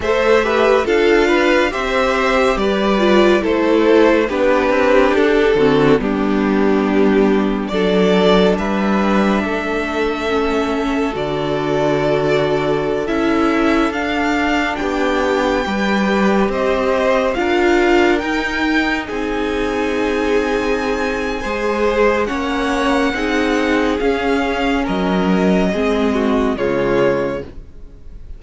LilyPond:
<<
  \new Staff \with { instrumentName = "violin" } { \time 4/4 \tempo 4 = 70 e''4 f''4 e''4 d''4 | c''4 b'4 a'4 g'4~ | g'4 d''4 e''2~ | e''4 d''2~ d''16 e''8.~ |
e''16 f''4 g''2 dis''8.~ | dis''16 f''4 g''4 gis''4.~ gis''16~ | gis''2 fis''2 | f''4 dis''2 cis''4 | }
  \new Staff \with { instrumentName = "violin" } { \time 4/4 c''8 b'8 a'8 b'8 c''4 b'4 | a'4 g'4. fis'8 d'4~ | d'4 a'4 b'4 a'4~ | a'1~ |
a'4~ a'16 g'4 b'4 c''8.~ | c''16 ais'2 gis'4.~ gis'16~ | gis'4 c''4 cis''4 gis'4~ | gis'4 ais'4 gis'8 fis'8 f'4 | }
  \new Staff \with { instrumentName = "viola" } { \time 4/4 a'8 g'8 f'4 g'4. f'8 | e'4 d'4. c'8 b4~ | b4 d'2. | cis'4 fis'2~ fis'16 e'8.~ |
e'16 d'2 g'4.~ g'16~ | g'16 f'4 dis'2~ dis'8.~ | dis'4 gis'4 cis'4 dis'4 | cis'2 c'4 gis4 | }
  \new Staff \with { instrumentName = "cello" } { \time 4/4 a4 d'4 c'4 g4 | a4 b8 c'8 d'8 d8 g4~ | g4 fis4 g4 a4~ | a4 d2~ d16 cis'8.~ |
cis'16 d'4 b4 g4 c'8.~ | c'16 d'4 dis'4 c'4.~ c'16~ | c'4 gis4 ais4 c'4 | cis'4 fis4 gis4 cis4 | }
>>